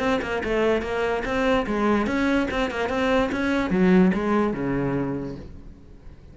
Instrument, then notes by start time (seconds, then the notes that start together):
cello
0.00 C4
0.22 A#3
0.44 A3
0.82 A#3
1.25 C4
1.67 G#3
2.07 C#4
2.51 C4
2.71 A#3
2.89 C4
3.32 C#4
3.71 F#3
4.14 G#3
4.54 C#3